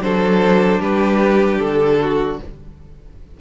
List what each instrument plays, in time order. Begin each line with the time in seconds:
0.00 cello F#3, viola D4, violin A4 C5
0.80 cello G3, violin G4 B4
1.58 cello D3, violin A4
2.01 violin F#4